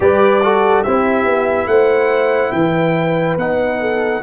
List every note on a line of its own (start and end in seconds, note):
0.00 0.85 G3
0.00 0.41 G4
0.00 0.43 B4
0.00 0.83 D5
0.43 0.85 F#4
0.43 0.83 A4
0.83 1.24 C4
0.83 3.39 E4
0.83 1.67 G4
0.83 1.67 E5
1.24 1.66 B3
1.66 2.51 A3
1.66 2.54 C5
1.66 2.51 F#5
2.51 3.36 E3
2.51 3.80 B4
2.51 3.36 G5
3.36 4.21 B3
3.36 4.22 D#4
3.36 4.22 F#5
3.80 4.22 A4